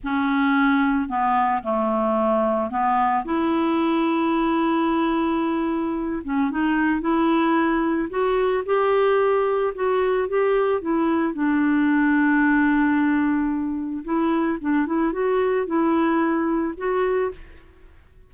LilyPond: \new Staff \with { instrumentName = "clarinet" } { \time 4/4 \tempo 4 = 111 cis'2 b4 a4~ | a4 b4 e'2~ | e'2.~ e'8 cis'8 | dis'4 e'2 fis'4 |
g'2 fis'4 g'4 | e'4 d'2.~ | d'2 e'4 d'8 e'8 | fis'4 e'2 fis'4 | }